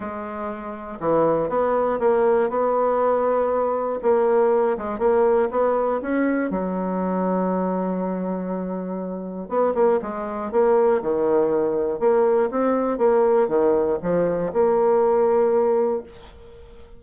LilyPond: \new Staff \with { instrumentName = "bassoon" } { \time 4/4 \tempo 4 = 120 gis2 e4 b4 | ais4 b2. | ais4. gis8 ais4 b4 | cis'4 fis2.~ |
fis2. b8 ais8 | gis4 ais4 dis2 | ais4 c'4 ais4 dis4 | f4 ais2. | }